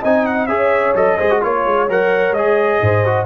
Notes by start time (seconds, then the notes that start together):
0.00 C4 D#4 D#5 G#5
0.26 F#5
0.47 C#4 G#4 C#5 E5
0.95 F#3 A4 D#5
1.17 G#3 G#4 C5
1.31 F#4
1.42 A#3 F4 C#5
1.66 G#3
1.89 F#3 A#4 F#5
2.32 G#3 D#5
2.38 G#4
2.82 G#2 C5
3.05 F#4